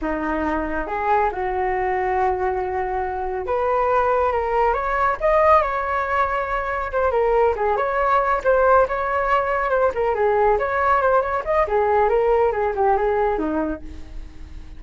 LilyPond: \new Staff \with { instrumentName = "flute" } { \time 4/4 \tempo 4 = 139 dis'2 gis'4 fis'4~ | fis'1 | b'2 ais'4 cis''4 | dis''4 cis''2. |
c''8 ais'4 gis'8 cis''4. c''8~ | c''8 cis''2 c''8 ais'8 gis'8~ | gis'8 cis''4 c''8 cis''8 dis''8 gis'4 | ais'4 gis'8 g'8 gis'4 dis'4 | }